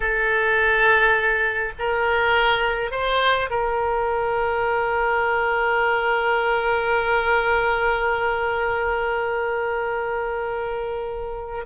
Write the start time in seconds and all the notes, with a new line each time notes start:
0.00 A4
1.78 A#4
2.91 C5
3.50 A#4